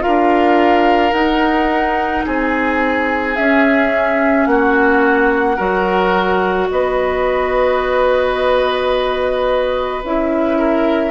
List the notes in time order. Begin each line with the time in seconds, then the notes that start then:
0.00 F4 A#4 F5
0.07 D4
1.13 D#4 F#5
2.26 C4 G#4 G#5
3.37 C#4 E5
4.47 A#3 F#4 F#5
5.56 F#3 F#4 A#4
6.71 B3 B4 D#5
10.04 C#4 E4 E5
10.59 A#4